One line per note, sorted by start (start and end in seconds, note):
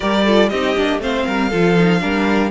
0.00 0.51 G3
0.00 0.23 G4
0.00 0.24 A#4
0.00 0.49 D5
0.24 0.52 F4
0.24 0.50 A4
0.49 0.76 C4
0.49 0.76 D#4
0.49 1.01 G4
0.49 0.99 D#5
0.76 0.98 A#3
0.76 1.00 D4
0.98 1.23 A3
0.98 1.50 C4
0.98 1.26 C5
0.98 2.50 F5
1.26 1.52 G3
1.26 1.49 A#4
1.49 2.03 F3
1.49 1.76 F4
1.49 2.00 A4
1.78 1.99 D#4
1.99 2.50 G3
1.99 2.50 D4
1.99 2.50 A#4